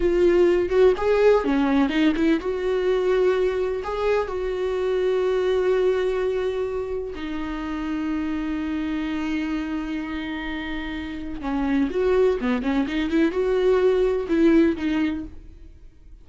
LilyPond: \new Staff \with { instrumentName = "viola" } { \time 4/4 \tempo 4 = 126 f'4. fis'8 gis'4 cis'4 | dis'8 e'8 fis'2. | gis'4 fis'2.~ | fis'2. dis'4~ |
dis'1~ | dis'1 | cis'4 fis'4 b8 cis'8 dis'8 e'8 | fis'2 e'4 dis'4 | }